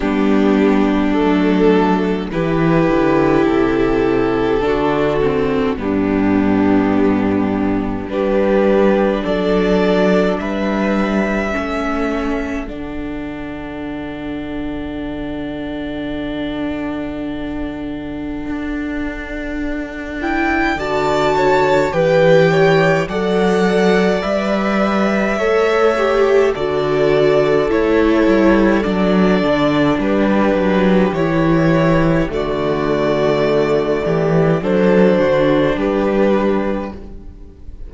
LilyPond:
<<
  \new Staff \with { instrumentName = "violin" } { \time 4/4 \tempo 4 = 52 g'4 a'4 b'4 a'4~ | a'4 g'2 b'4 | d''4 e''2 fis''4~ | fis''1~ |
fis''4. g''8 a''4 g''4 | fis''4 e''2 d''4 | cis''4 d''4 b'4 cis''4 | d''2 c''4 b'4 | }
  \new Staff \with { instrumentName = "violin" } { \time 4/4 d'2 g'2 | fis'4 d'2 g'4 | a'4 b'4 a'2~ | a'1~ |
a'2 d''8 cis''8 b'8 cis''8 | d''2 cis''4 a'4~ | a'2 g'2 | fis'4. g'8 a'8 fis'8 g'4 | }
  \new Staff \with { instrumentName = "viola" } { \time 4/4 b4 a4 e'2 | d'8 c'8 b2 d'4~ | d'2 cis'4 d'4~ | d'1~ |
d'4. e'8 fis'4 g'4 | a'4 b'4 a'8 g'8 fis'4 | e'4 d'2 e'4 | a2 d'2 | }
  \new Staff \with { instrumentName = "cello" } { \time 4/4 g4 fis4 e8 d8 c4 | d4 g,2 g4 | fis4 g4 a4 d4~ | d1 |
d'2 d4 e4 | fis4 g4 a4 d4 | a8 g8 fis8 d8 g8 fis8 e4 | d4. e8 fis8 d8 g4 | }
>>